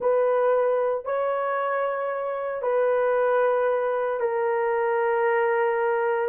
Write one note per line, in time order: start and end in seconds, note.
0.00 1.04 B4
1.04 2.62 C#5
2.62 4.20 B4
4.20 6.28 A#4